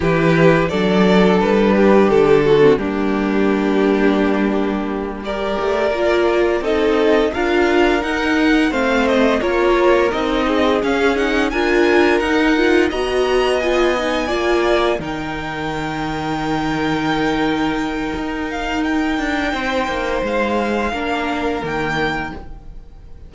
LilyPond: <<
  \new Staff \with { instrumentName = "violin" } { \time 4/4 \tempo 4 = 86 b'4 d''4 b'4 a'4 | g'2.~ g'8 d''8~ | d''4. dis''4 f''4 fis''8~ | fis''8 f''8 dis''8 cis''4 dis''4 f''8 |
fis''8 gis''4 fis''4 ais''4 gis''8~ | gis''4. g''2~ g''8~ | g''2~ g''8 f''8 g''4~ | g''4 f''2 g''4 | }
  \new Staff \with { instrumentName = "violin" } { \time 4/4 g'4 a'4. g'4 fis'8 | d'2.~ d'8 ais'8~ | ais'4. a'4 ais'4.~ | ais'8 c''4 ais'4. gis'4~ |
gis'8 ais'2 dis''4.~ | dis''8 d''4 ais'2~ ais'8~ | ais'1 | c''2 ais'2 | }
  \new Staff \with { instrumentName = "viola" } { \time 4/4 e'4 d'2~ d'8. c'16 | ais2.~ ais8 g'8~ | g'8 f'4 dis'4 f'4 dis'8~ | dis'8 c'4 f'4 dis'4 cis'8 |
dis'8 f'4 dis'8 f'8 fis'4 f'8 | dis'8 f'4 dis'2~ dis'8~ | dis'1~ | dis'2 d'4 ais4 | }
  \new Staff \with { instrumentName = "cello" } { \time 4/4 e4 fis4 g4 d4 | g1 | a8 ais4 c'4 d'4 dis'8~ | dis'8 a4 ais4 c'4 cis'8~ |
cis'8 d'4 dis'4 b4.~ | b8 ais4 dis2~ dis8~ | dis2 dis'4. d'8 | c'8 ais8 gis4 ais4 dis4 | }
>>